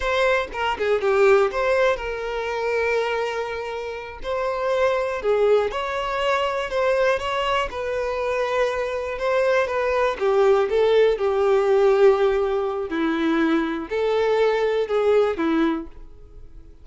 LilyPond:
\new Staff \with { instrumentName = "violin" } { \time 4/4 \tempo 4 = 121 c''4 ais'8 gis'8 g'4 c''4 | ais'1~ | ais'8 c''2 gis'4 cis''8~ | cis''4. c''4 cis''4 b'8~ |
b'2~ b'8 c''4 b'8~ | b'8 g'4 a'4 g'4.~ | g'2 e'2 | a'2 gis'4 e'4 | }